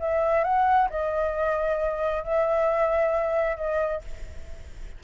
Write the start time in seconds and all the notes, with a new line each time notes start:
0.00 E5
0.44 F#5
0.90 D#5
2.24 E5
3.57 D#5